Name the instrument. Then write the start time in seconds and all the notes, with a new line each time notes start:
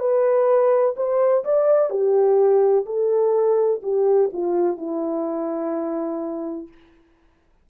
horn
0.00 B4
0.97 C5
1.45 D5
1.90 G4
2.86 A4
3.83 G4
4.33 F4
4.78 E4